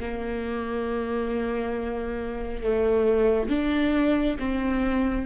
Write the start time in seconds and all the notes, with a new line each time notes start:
0.00 A#3
2.63 A3
3.49 D4
4.39 C4